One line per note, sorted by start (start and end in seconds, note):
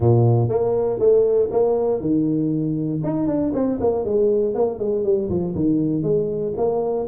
0.00 0.48 A#2
0.48 0.99 A#3
0.99 1.49 A3
1.51 2.00 A#3
2.00 3.01 D#3
3.03 3.27 D#4
3.27 3.52 D4
3.54 3.79 C4
3.80 4.04 A#3
4.04 4.54 G#3
4.54 4.78 A#3
4.78 5.04 G#3
5.04 5.29 G3
5.29 5.55 F3
5.55 6.02 D#3
6.02 6.53 G#3
6.56 7.07 A#3